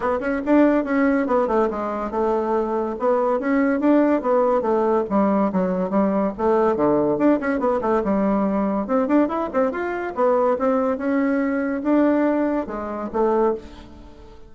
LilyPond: \new Staff \with { instrumentName = "bassoon" } { \time 4/4 \tempo 4 = 142 b8 cis'8 d'4 cis'4 b8 a8 | gis4 a2 b4 | cis'4 d'4 b4 a4 | g4 fis4 g4 a4 |
d4 d'8 cis'8 b8 a8 g4~ | g4 c'8 d'8 e'8 c'8 f'4 | b4 c'4 cis'2 | d'2 gis4 a4 | }